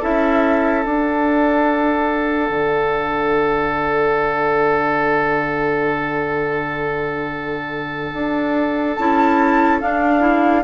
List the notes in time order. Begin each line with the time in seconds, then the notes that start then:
0.00 C#4 E4 A4 E5
0.85 D4 F#5
2.50 D3
8.13 D4
8.96 C#4 E4 A5
9.81 D4 F5
10.20 E4